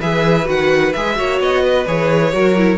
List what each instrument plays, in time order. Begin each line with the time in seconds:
0.00 cello E3, viola G#4, violin B4 E5
0.45 cello D#3, viola F#4, violin F#5
0.93 cello G#3, viola G#4, violin E5
1.15 cello A#3, viola F#4, violin C#5
1.40 cello B3, violin D#5
1.63 violin B4
1.86 cello E3, viola G#4, violin C#5
2.32 cello F#3, viola F#4, violin A#4
2.57 viola E4